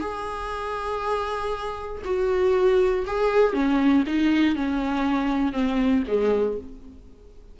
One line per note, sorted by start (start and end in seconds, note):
0.00 2.02 G#4
2.04 3.05 F#4
3.06 3.53 G#4
3.53 4.03 C#4
4.06 4.55 D#4
4.55 5.52 C#4
5.52 6.03 C4
6.07 6.58 G#3